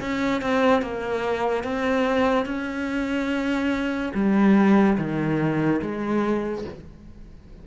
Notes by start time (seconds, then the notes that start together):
0.00 C#4
0.41 C4
0.81 A#3
1.63 C4
2.45 C#4
4.14 G3
4.97 D#3
5.81 G#3